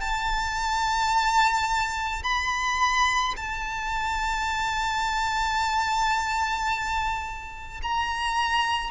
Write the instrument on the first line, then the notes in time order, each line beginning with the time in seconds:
violin
0.00 A5
2.23 B5
3.36 A5
7.82 A#5